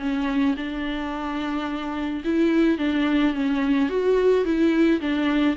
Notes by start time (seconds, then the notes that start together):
0.00 C#4
0.57 D4
2.25 E4
2.79 D4
3.34 C#4
3.90 F#4
4.45 E4
5.02 D4